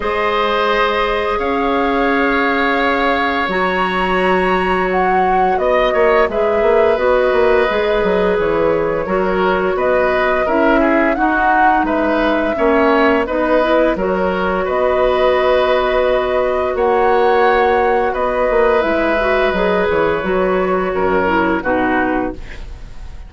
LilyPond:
<<
  \new Staff \with { instrumentName = "flute" } { \time 4/4 \tempo 4 = 86 dis''2 f''2~ | f''4 ais''2 fis''4 | dis''4 e''4 dis''2 | cis''2 dis''4 e''4 |
fis''4 e''2 dis''4 | cis''4 dis''2. | fis''2 dis''4 e''4 | dis''8 cis''2~ cis''8 b'4 | }
  \new Staff \with { instrumentName = "oboe" } { \time 4/4 c''2 cis''2~ | cis''1 | dis''8 cis''8 b'2.~ | b'4 ais'4 b'4 ais'8 gis'8 |
fis'4 b'4 cis''4 b'4 | ais'4 b'2. | cis''2 b'2~ | b'2 ais'4 fis'4 | }
  \new Staff \with { instrumentName = "clarinet" } { \time 4/4 gis'1~ | gis'4 fis'2.~ | fis'4 gis'4 fis'4 gis'4~ | gis'4 fis'2 e'4 |
dis'2 cis'4 dis'8 e'8 | fis'1~ | fis'2. e'8 fis'8 | gis'4 fis'4. e'8 dis'4 | }
  \new Staff \with { instrumentName = "bassoon" } { \time 4/4 gis2 cis'2~ | cis'4 fis2. | b8 ais8 gis8 ais8 b8 ais8 gis8 fis8 | e4 fis4 b4 cis'4 |
dis'4 gis4 ais4 b4 | fis4 b2. | ais2 b8 ais8 gis4 | fis8 e8 fis4 fis,4 b,4 | }
>>